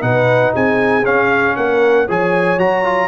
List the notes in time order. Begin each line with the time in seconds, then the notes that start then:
0.00 B2 D#4 B4 F#5
0.53 C4 G#4 G#5
1.04 C#4 F5
1.56 A#3 A#4 F#5
2.07 F3 G#4 C#5 G#5
2.57 F#3 F#4 A#5
2.84 F4